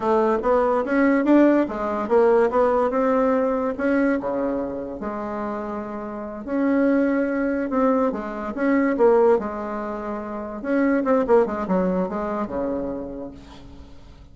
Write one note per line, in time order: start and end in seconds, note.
0.00 0.38 A3
0.42 0.84 B3
0.84 1.24 C#4
1.24 1.66 D4
1.68 2.08 G#3
2.08 2.49 A#3
2.50 2.90 B3
2.90 3.73 C4
3.77 4.19 C#4
4.20 5.00 C#3
5.00 6.45 G#3
6.45 7.70 C#4
7.70 8.11 C4
8.11 8.53 G#3
8.55 8.96 C#4
8.97 9.38 A#3
9.39 10.62 G#3
10.62 11.03 C#4
11.04 11.25 C4
11.27 11.45 A#3
11.45 11.66 G#3
11.67 12.09 F#3
12.09 12.47 G#3
12.47 13.30 C#3